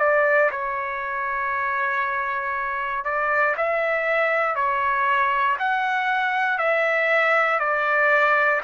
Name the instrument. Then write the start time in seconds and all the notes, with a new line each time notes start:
trumpet
0.00 D5
0.52 C#5
3.05 D5
3.57 E5
4.56 C#5
5.59 F#5
6.59 E5
7.60 D5